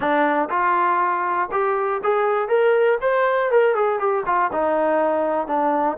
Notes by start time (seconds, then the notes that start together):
0.00 D4
0.49 F4
1.51 G4
2.03 G#4
2.48 A#4
3.01 C5
3.51 A#4
3.75 G#4
3.99 G4
4.25 F4
4.52 D#4
5.47 D4